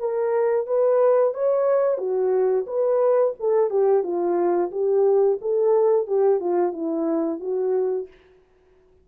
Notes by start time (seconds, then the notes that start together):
0.00 A#4
0.67 B4
1.35 C#5
1.98 F#4
2.67 B4
3.40 A4
3.70 G4
4.04 F4
4.72 G4
5.41 A4
6.07 G4
6.40 F4
6.73 E4
7.41 F#4